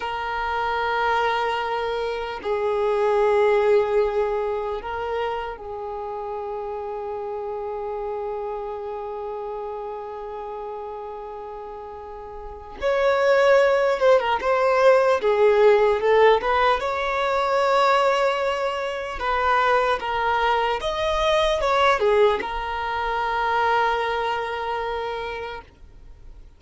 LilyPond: \new Staff \with { instrumentName = "violin" } { \time 4/4 \tempo 4 = 75 ais'2. gis'4~ | gis'2 ais'4 gis'4~ | gis'1~ | gis'1 |
cis''4. c''16 ais'16 c''4 gis'4 | a'8 b'8 cis''2. | b'4 ais'4 dis''4 cis''8 gis'8 | ais'1 | }